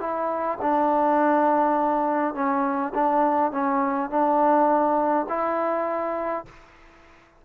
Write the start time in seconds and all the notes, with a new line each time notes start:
0.00 E4
0.61 D4
2.35 C#4
2.94 D4
3.51 C#4
4.10 D4
5.29 E4